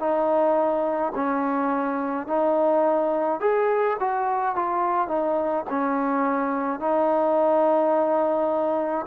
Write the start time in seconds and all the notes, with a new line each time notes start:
0.00 D#4
1.15 C#4
2.27 D#4
3.41 G#4
4.00 F#4
4.56 F4
5.08 D#4
5.70 C#4
6.80 D#4